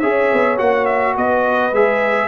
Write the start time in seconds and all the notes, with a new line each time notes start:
0.00 C#4 G#4 C#5 E5
0.33 B3
0.57 A#3 F#4 F#5
0.86 E5
1.16 B3 B4 D#5
1.73 G#3 G#4 E5